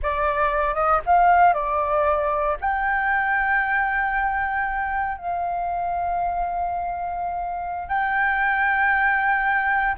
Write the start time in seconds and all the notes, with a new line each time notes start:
0.02 D5
0.74 D#5
1.06 F5
1.53 D5
2.60 G5
5.17 F5
7.88 G5